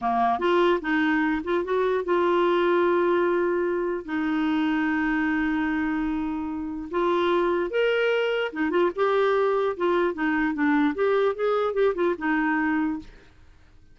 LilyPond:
\new Staff \with { instrumentName = "clarinet" } { \time 4/4 \tempo 4 = 148 ais4 f'4 dis'4. f'8 | fis'4 f'2.~ | f'2 dis'2~ | dis'1~ |
dis'4 f'2 ais'4~ | ais'4 dis'8 f'8 g'2 | f'4 dis'4 d'4 g'4 | gis'4 g'8 f'8 dis'2 | }